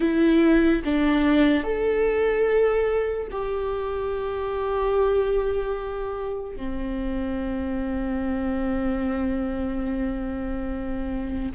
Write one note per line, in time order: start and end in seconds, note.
0.00 0.82 E4
0.84 1.63 D4
1.63 3.28 A4
3.31 6.56 G4
6.56 11.49 C4